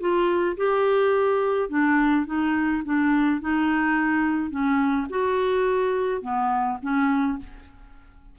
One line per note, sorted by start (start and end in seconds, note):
0.00 0.57 F4
0.57 1.69 G4
1.69 2.26 D4
2.26 2.83 D#4
2.85 3.41 D4
3.41 4.51 D#4
4.51 5.07 C#4
5.09 6.22 F#4
6.22 6.78 B3
6.82 7.39 C#4